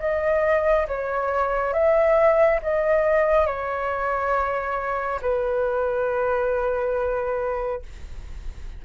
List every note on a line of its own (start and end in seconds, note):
0.00 0.87 D#5
0.88 1.74 C#5
1.74 2.60 E5
2.63 3.47 D#5
3.47 5.21 C#5
5.22 7.83 B4